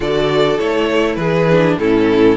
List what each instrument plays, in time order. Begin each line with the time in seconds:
0.00 cello D3, viola F#4, violin A4 D5
0.57 cello A3, viola E4, violin C#5
1.15 cello E3, violin G#4 B4
1.50 viola D4
1.78 cello A2, viola C#4, violin E4 A4